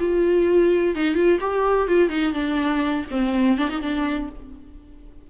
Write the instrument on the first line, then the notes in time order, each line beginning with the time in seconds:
viola
0.00 F4
0.96 D#4
1.15 F4
1.41 G4
1.88 F4
2.10 D#4
2.33 D4
3.11 C4
3.58 D4
3.69 D#4
3.82 D4